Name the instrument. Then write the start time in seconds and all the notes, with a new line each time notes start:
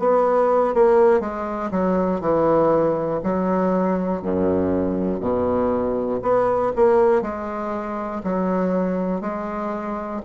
bassoon
0.00 B3
0.75 A#3
1.20 G#3
1.71 F#3
2.21 E3
3.24 F#3
4.22 F#2
5.20 B2
6.23 B3
6.76 A#3
7.22 G#3
8.24 F#3
9.21 G#3